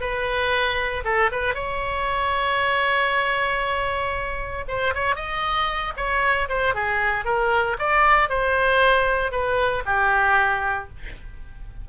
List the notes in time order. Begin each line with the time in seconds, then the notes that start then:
0.00 B4
1.04 A4
1.31 B4
1.54 C#5
4.68 C5
4.94 C#5
5.15 D#5
5.96 C#5
6.49 C5
6.74 G#4
7.25 A#4
7.78 D5
8.29 C5
9.32 B4
9.85 G4